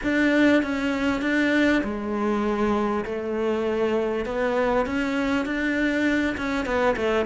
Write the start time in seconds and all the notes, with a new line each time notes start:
0.03 D4
0.62 C#4
1.21 D4
1.83 G#3
3.05 A3
4.25 B3
4.85 C#4
5.45 D4
6.37 C#4
6.65 B3
6.96 A3